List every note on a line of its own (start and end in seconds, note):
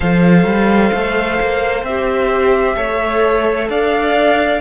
0.00 0.44 F3
0.00 1.84 A4
0.00 2.74 C5
0.00 1.84 F5
0.44 0.90 G3
0.93 1.39 A3
1.41 1.82 A#3
1.82 2.75 C4
1.82 2.76 G4
1.82 3.68 E5
2.76 3.68 A3
2.76 4.61 A4
2.76 3.68 C#5
3.68 4.61 D4
3.68 4.61 D5
3.68 4.61 F5